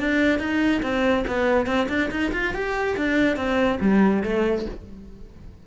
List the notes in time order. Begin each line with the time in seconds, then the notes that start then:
0.00 D4
0.39 D#4
0.83 C4
1.28 B3
1.67 C4
1.89 D4
2.11 D#4
2.33 F4
2.55 G4
2.97 D4
3.37 C4
3.81 G3
4.23 A3